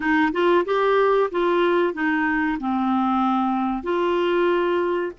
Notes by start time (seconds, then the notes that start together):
0.00 D#4
0.32 F4
0.65 G4
1.31 F4
1.93 D#4
2.59 C4
3.83 F4